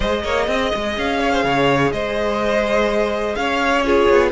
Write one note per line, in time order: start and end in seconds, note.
0.00 0.24 G#3
0.00 3.84 G#4
0.00 0.22 C5
0.00 0.94 D#5
0.23 0.47 A#3
0.23 0.47 C#5
0.47 0.71 C4
0.47 1.19 D#5
0.74 0.97 G#3
0.97 1.44 C#4
0.97 1.91 F5
1.19 1.31 C#5
1.32 1.44 C5
1.44 1.91 C#3
1.44 1.92 C#5
1.91 3.35 G#3
1.91 3.37 C5
1.91 3.35 D#5
3.35 4.09 C#4
3.35 3.86 C#5
3.35 3.81 F5
3.81 4.31 F4
3.81 4.31 G#4
3.81 4.29 C#5
4.09 4.31 B3